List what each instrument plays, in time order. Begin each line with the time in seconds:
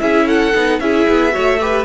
0.00 cello C#4, viola E4, violin G#4 E5
0.27 violin A4 F#5
0.55 cello B3, viola D#4
0.80 cello C#4, viola E4, violin G#4 E5
1.09 cello B3
1.32 viola F#4, violin C#5
1.38 cello A3
1.60 viola G4, violin B4